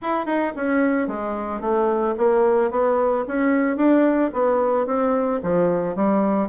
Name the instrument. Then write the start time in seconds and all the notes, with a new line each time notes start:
bassoon
0.01 E4
0.26 D#4
0.56 C#4
1.07 G#3
1.60 A3
2.17 A#3
2.70 B3
3.27 C#4
3.76 D4
4.33 B3
4.86 C4
5.43 F3
5.95 G3